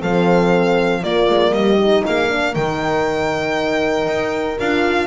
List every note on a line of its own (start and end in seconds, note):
0.00 1.03 F3
0.00 1.02 C4
0.00 1.01 A4
0.00 1.03 F5
1.01 1.76 A#3
1.01 1.28 A#3
1.01 1.52 F4
1.01 1.53 D5
1.29 1.52 G#3
1.52 2.02 G3
1.52 2.04 G4
1.52 2.04 D#5
1.76 2.27 D#4
2.05 2.55 A#3
2.05 2.31 G#4
2.05 2.54 F5
2.28 2.54 D4
2.28 5.07 A#4
2.54 4.06 D#3
2.54 4.59 D#4
2.54 4.58 G5
4.06 4.57 D#4
4.59 5.07 D4
4.59 5.07 F4
4.59 5.07 F5